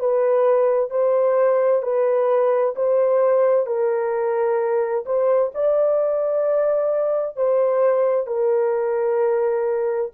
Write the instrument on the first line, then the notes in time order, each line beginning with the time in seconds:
horn
0.00 B4
0.91 C5
1.83 B4
2.76 C5
3.67 A#4
5.06 C5
5.55 D5
7.37 C5
8.27 A#4